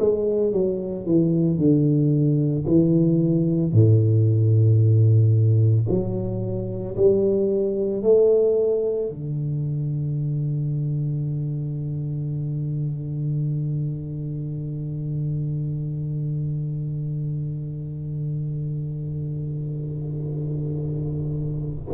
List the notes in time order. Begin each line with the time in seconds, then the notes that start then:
0.00 G#3
0.53 F#3
1.06 E3
1.59 D3
2.67 E3
3.73 A2
5.89 F#3
6.97 G3
8.03 A3
9.10 D3